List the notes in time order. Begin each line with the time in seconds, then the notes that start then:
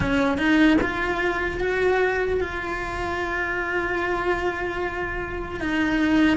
0.00 C#4
0.37 D#4
0.81 F4
1.60 F#4
2.40 F4
5.60 D#4